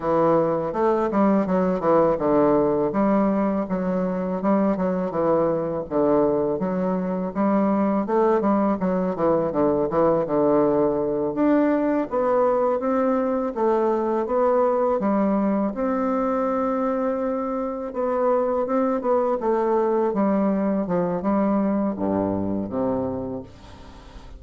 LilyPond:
\new Staff \with { instrumentName = "bassoon" } { \time 4/4 \tempo 4 = 82 e4 a8 g8 fis8 e8 d4 | g4 fis4 g8 fis8 e4 | d4 fis4 g4 a8 g8 | fis8 e8 d8 e8 d4. d'8~ |
d'8 b4 c'4 a4 b8~ | b8 g4 c'2~ c'8~ | c'8 b4 c'8 b8 a4 g8~ | g8 f8 g4 g,4 c4 | }